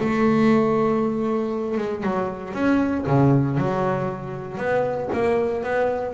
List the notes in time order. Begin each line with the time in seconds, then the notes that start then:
0.00 A3
1.78 G#3
2.04 F#3
2.54 C#4
3.07 C#3
3.58 F#3
4.58 B3
5.13 A#3
5.64 B3